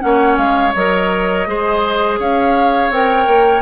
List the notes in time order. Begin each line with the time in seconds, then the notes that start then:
0.00 A#3 C#4 C#5 F#5
0.38 G#3 F5
0.75 F#3 A#4 D#5
1.47 G#3 G#4 C5
2.20 C#4 C#5 F5
2.90 C4 A#4 G5
3.27 A#3